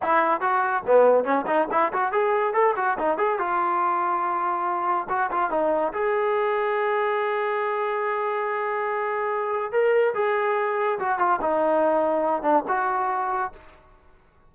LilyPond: \new Staff \with { instrumentName = "trombone" } { \time 4/4 \tempo 4 = 142 e'4 fis'4 b4 cis'8 dis'8 | e'8 fis'8 gis'4 a'8 fis'8 dis'8 gis'8 | f'1 | fis'8 f'8 dis'4 gis'2~ |
gis'1~ | gis'2. ais'4 | gis'2 fis'8 f'8 dis'4~ | dis'4. d'8 fis'2 | }